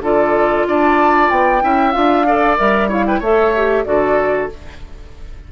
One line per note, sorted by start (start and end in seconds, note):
0.00 0.64 D3
0.00 1.61 F4
0.00 0.66 A4
0.00 0.66 D5
0.67 1.30 D4
0.67 1.63 D5
0.67 1.30 A5
1.30 1.62 B3
1.30 1.92 G5
1.61 1.95 C#4
1.61 1.92 E4
1.61 2.26 E5
1.92 2.59 D4
1.92 2.24 F4
1.92 2.56 F5
2.26 2.57 A4
2.26 2.88 D5
2.57 3.20 G3
2.57 2.89 A#4
2.57 2.90 E5
2.88 3.21 E4
2.88 3.04 C#5
2.88 3.06 F5
3.06 3.19 B4
3.06 3.22 G5
3.19 3.84 A3
3.19 3.55 A4
3.19 3.83 C#5
3.19 3.85 E5
3.56 3.85 G4
3.85 4.50 D3
3.85 4.49 F#4
3.85 4.51 A4
3.85 4.49 D5